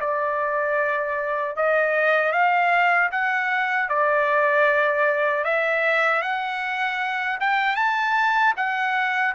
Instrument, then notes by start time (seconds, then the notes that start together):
trumpet
0.00 D5
1.56 D#5
2.32 F5
3.11 F#5
3.89 D5
5.44 E5
6.21 F#5
7.40 G5
7.75 A5
8.56 F#5